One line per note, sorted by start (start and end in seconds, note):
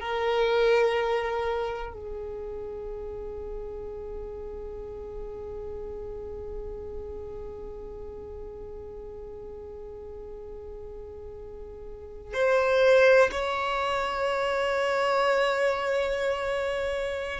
0.00 1.93 A#4
1.93 12.33 G#4
12.33 13.30 C5
13.31 17.40 C#5